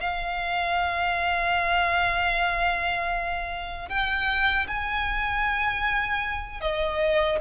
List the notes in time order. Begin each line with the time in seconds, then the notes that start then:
0.00 F5
3.89 G5
4.68 G#5
6.61 D#5